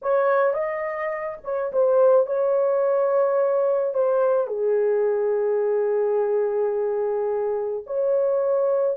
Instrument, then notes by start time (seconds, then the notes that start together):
horn
0.02 C#5
0.53 D#5
1.44 C#5
1.72 C5
2.26 C#5
3.94 C5
4.47 G#4
7.86 C#5